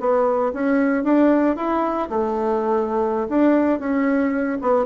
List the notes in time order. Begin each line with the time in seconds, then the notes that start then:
0.00 B3
0.54 C#4
1.04 D4
1.56 E4
2.10 A3
3.29 D4
3.79 C#4
4.62 B3